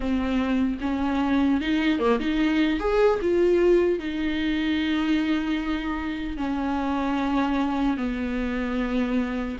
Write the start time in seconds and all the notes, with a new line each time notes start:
0.00 C4
0.80 C#4
1.60 D#4
1.99 A#3
2.19 D#4
2.79 G#4
3.21 F4
3.99 D#4
6.37 C#4
7.97 B3